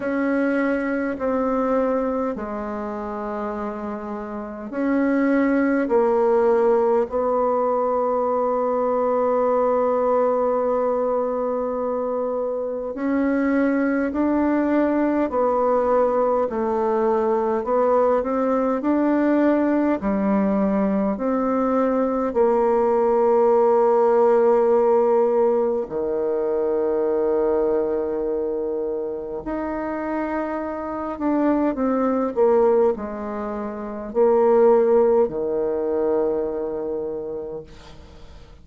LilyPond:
\new Staff \with { instrumentName = "bassoon" } { \time 4/4 \tempo 4 = 51 cis'4 c'4 gis2 | cis'4 ais4 b2~ | b2. cis'4 | d'4 b4 a4 b8 c'8 |
d'4 g4 c'4 ais4~ | ais2 dis2~ | dis4 dis'4. d'8 c'8 ais8 | gis4 ais4 dis2 | }